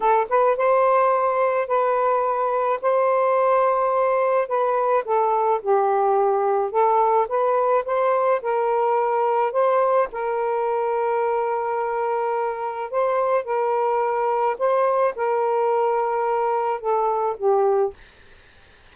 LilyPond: \new Staff \with { instrumentName = "saxophone" } { \time 4/4 \tempo 4 = 107 a'8 b'8 c''2 b'4~ | b'4 c''2. | b'4 a'4 g'2 | a'4 b'4 c''4 ais'4~ |
ais'4 c''4 ais'2~ | ais'2. c''4 | ais'2 c''4 ais'4~ | ais'2 a'4 g'4 | }